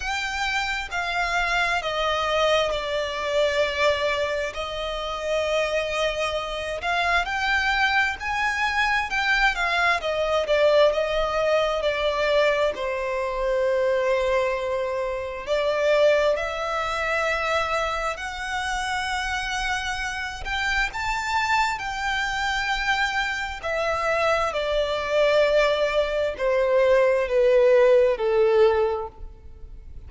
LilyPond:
\new Staff \with { instrumentName = "violin" } { \time 4/4 \tempo 4 = 66 g''4 f''4 dis''4 d''4~ | d''4 dis''2~ dis''8 f''8 | g''4 gis''4 g''8 f''8 dis''8 d''8 | dis''4 d''4 c''2~ |
c''4 d''4 e''2 | fis''2~ fis''8 g''8 a''4 | g''2 e''4 d''4~ | d''4 c''4 b'4 a'4 | }